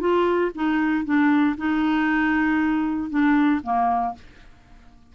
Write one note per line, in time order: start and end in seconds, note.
0.00 0.51 F4
0.55 1.05 D#4
1.05 1.56 D4
1.57 3.10 D#4
3.10 3.61 D4
3.63 4.15 A#3